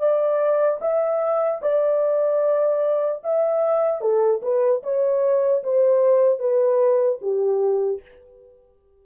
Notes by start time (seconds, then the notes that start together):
0.00 D5
0.81 E5
1.62 D5
3.24 E5
4.01 A4
4.43 B4
4.84 C#5
5.64 C5
6.40 B4
7.22 G4